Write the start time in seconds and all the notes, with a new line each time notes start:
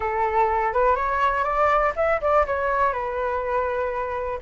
0.00 A4
0.73 B4
0.95 C#5
1.43 D5
1.95 E5
2.21 D5
2.46 C#5
2.92 B4